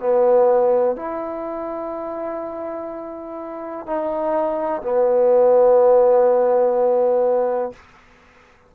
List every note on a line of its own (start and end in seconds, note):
0.00 0.96 B3
0.96 3.86 E4
3.86 4.82 D#4
4.82 7.72 B3